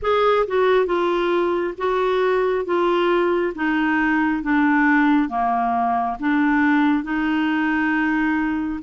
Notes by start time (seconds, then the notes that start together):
0.02 G#4
0.47 F#4
0.85 F4
1.77 F#4
2.65 F4
3.55 D#4
4.42 D4
5.29 A#3
6.19 D4
7.03 D#4